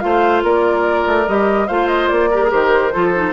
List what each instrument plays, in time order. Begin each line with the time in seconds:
0.00 bassoon A3, clarinet F4, oboe C5, flute F5
0.43 bassoon A#3, oboe A#4, flute D5
1.07 bassoon A3
1.28 bassoon G3, clarinet G4, flute D#5
1.67 bassoon A3, clarinet F4, oboe C5, flute F5
1.87 flute D#5
2.08 bassoon A#3, flute D5
2.31 clarinet G4, oboe A#4
2.43 clarinet G#4
2.50 bassoon D#3, clarinet G4, flute C5
2.93 bassoon F3, clarinet F4, oboe A4
3.14 clarinet D#4